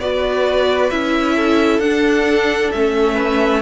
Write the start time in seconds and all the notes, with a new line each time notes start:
0.00 B3 F#4 B4 D5
0.91 C#4 E4 E5
1.36 A4
1.79 D4 F#5
2.72 A3 C#4 E5
3.14 B4